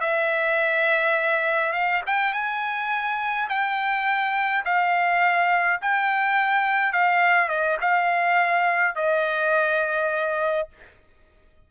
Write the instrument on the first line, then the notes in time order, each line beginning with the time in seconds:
trumpet
0.00 E5
1.72 F5
2.06 G5
2.33 G#5
3.49 G5
4.64 F5
5.81 G5
6.92 F5
7.48 D#5
7.81 F5
8.95 D#5